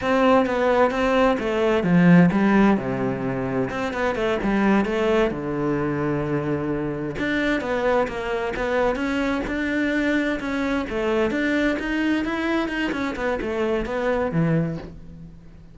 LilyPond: \new Staff \with { instrumentName = "cello" } { \time 4/4 \tempo 4 = 130 c'4 b4 c'4 a4 | f4 g4 c2 | c'8 b8 a8 g4 a4 d8~ | d2.~ d8 d'8~ |
d'8 b4 ais4 b4 cis'8~ | cis'8 d'2 cis'4 a8~ | a8 d'4 dis'4 e'4 dis'8 | cis'8 b8 a4 b4 e4 | }